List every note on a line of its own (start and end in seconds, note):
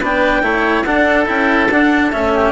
0.00 0.42 B3
0.00 0.43 D4
0.00 0.42 B4
0.00 0.85 G5
0.42 0.84 A3
0.42 0.85 E4
0.42 0.85 C#5
0.85 1.27 D4
0.85 1.26 D4
0.85 2.33 A4
0.85 1.27 F#5
1.26 1.70 C#4
1.26 1.68 E4
1.26 1.70 G5
1.70 2.12 D4
1.70 2.11 F#5
2.11 2.52 A3
2.11 2.52 C#4
2.11 2.52 E5
2.34 2.52 G4